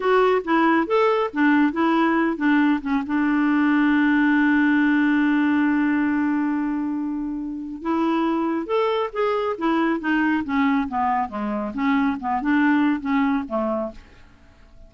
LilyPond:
\new Staff \with { instrumentName = "clarinet" } { \time 4/4 \tempo 4 = 138 fis'4 e'4 a'4 d'4 | e'4. d'4 cis'8 d'4~ | d'1~ | d'1~ |
d'2 e'2 | a'4 gis'4 e'4 dis'4 | cis'4 b4 gis4 cis'4 | b8 d'4. cis'4 a4 | }